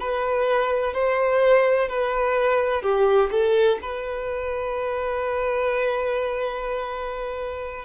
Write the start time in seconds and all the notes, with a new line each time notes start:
0.00 B4
0.94 C5
1.89 B4
2.82 G4
3.31 A4
3.82 B4